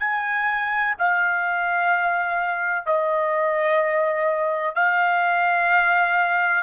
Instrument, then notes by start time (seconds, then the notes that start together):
trumpet
0.00 G#5
0.99 F5
2.87 D#5
4.76 F5